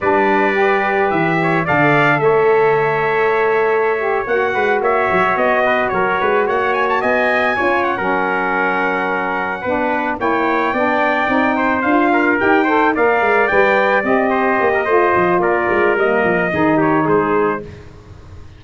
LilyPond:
<<
  \new Staff \with { instrumentName = "trumpet" } { \time 4/4 \tempo 4 = 109 d''2 e''4 f''4 | e''2.~ e''8. fis''16~ | fis''8. e''4 dis''4 cis''4 fis''16~ | fis''16 gis''16 a''16 gis''4. fis''4.~ fis''16~ |
fis''2~ fis''8 g''4.~ | g''4. f''4 g''4 f''8~ | f''8 g''4 dis''2~ dis''8 | d''4 dis''4. cis''8 c''4 | }
  \new Staff \with { instrumentName = "trumpet" } { \time 4/4 b'2~ b'8 cis''8 d''4 | cis''1~ | cis''16 b'8 cis''4. b'8 ais'8 b'8 cis''16~ | cis''8. dis''4 cis''8. ais'4.~ |
ais'4. b'4 cis''4 d''8~ | d''4 c''4 ais'4 c''8 d''8~ | d''2 c''8. ais'16 c''4 | ais'2 gis'8 g'8 gis'4 | }
  \new Staff \with { instrumentName = "saxophone" } { \time 4/4 d'4 g'2 a'4~ | a'2.~ a'16 g'8 fis'16~ | fis'1~ | fis'4.~ fis'16 f'8. cis'4.~ |
cis'4. d'4 e'4 d'8~ | d'8 dis'4 f'4 g'8 a'8 ais'8~ | ais'8 b'4 g'4. f'4~ | f'4 ais4 dis'2 | }
  \new Staff \with { instrumentName = "tuba" } { \time 4/4 g2 e4 d4 | a2.~ a8. ais16~ | ais16 gis8 ais8 fis8 b4 fis8 gis8 ais16~ | ais8. b4 cis'8. fis4.~ |
fis4. b4 ais4 b8~ | b8 c'4 d'4 dis'4 ais8 | gis8 g4 c'4 ais8 a8 f8 | ais8 gis8 g8 f8 dis4 gis4 | }
>>